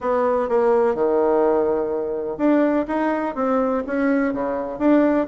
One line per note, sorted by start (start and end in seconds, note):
0.00 0.48 B3
0.48 0.94 A#3
0.94 2.37 D#3
2.37 2.85 D4
2.87 3.35 D#4
3.35 3.83 C4
3.86 4.33 C#4
4.33 4.78 C#3
4.78 5.26 D4